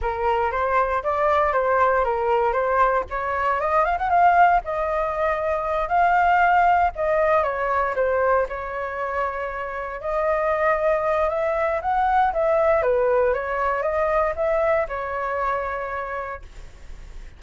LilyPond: \new Staff \with { instrumentName = "flute" } { \time 4/4 \tempo 4 = 117 ais'4 c''4 d''4 c''4 | ais'4 c''4 cis''4 dis''8 f''16 fis''16 | f''4 dis''2~ dis''8 f''8~ | f''4. dis''4 cis''4 c''8~ |
c''8 cis''2. dis''8~ | dis''2 e''4 fis''4 | e''4 b'4 cis''4 dis''4 | e''4 cis''2. | }